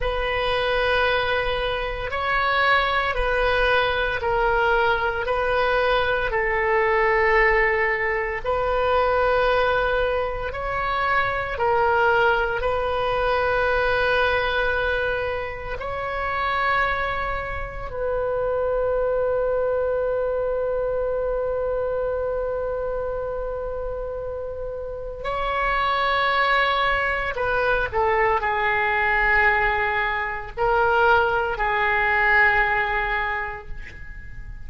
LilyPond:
\new Staff \with { instrumentName = "oboe" } { \time 4/4 \tempo 4 = 57 b'2 cis''4 b'4 | ais'4 b'4 a'2 | b'2 cis''4 ais'4 | b'2. cis''4~ |
cis''4 b'2.~ | b'1 | cis''2 b'8 a'8 gis'4~ | gis'4 ais'4 gis'2 | }